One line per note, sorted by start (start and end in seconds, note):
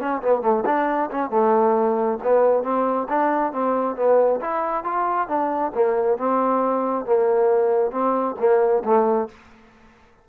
0.00 0.22 C#4
0.22 0.42 B3
0.42 0.64 A3
0.66 1.10 D4
1.11 1.30 C#4
1.30 2.19 A3
2.24 2.64 B3
2.64 3.08 C4
3.09 3.53 D4
3.53 3.96 C4
3.96 4.40 B3
4.41 4.84 E4
4.84 5.28 F4
5.28 5.72 D4
5.75 6.18 A#3
6.18 7.06 C4
7.06 7.91 A#3
7.91 8.35 C4
8.39 8.84 A#3
8.85 9.29 A3